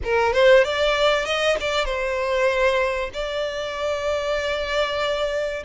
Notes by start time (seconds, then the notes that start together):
0.04 A#4
0.33 C5
0.63 D5
1.25 D#5
1.60 D5
1.85 C5
3.13 D5